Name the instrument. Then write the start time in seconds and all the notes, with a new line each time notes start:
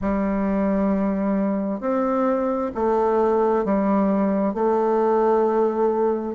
bassoon
0.01 G3
1.80 C4
2.74 A3
3.64 G3
4.54 A3